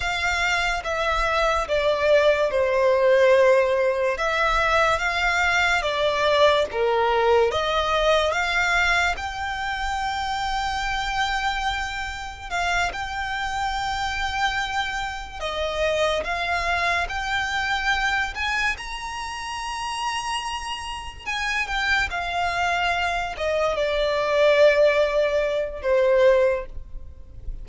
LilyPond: \new Staff \with { instrumentName = "violin" } { \time 4/4 \tempo 4 = 72 f''4 e''4 d''4 c''4~ | c''4 e''4 f''4 d''4 | ais'4 dis''4 f''4 g''4~ | g''2. f''8 g''8~ |
g''2~ g''8 dis''4 f''8~ | f''8 g''4. gis''8 ais''4.~ | ais''4. gis''8 g''8 f''4. | dis''8 d''2~ d''8 c''4 | }